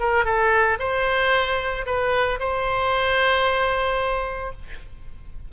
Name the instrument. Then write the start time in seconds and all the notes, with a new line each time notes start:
oboe
0.00 A#4
0.26 A4
0.80 C5
1.87 B4
2.40 C5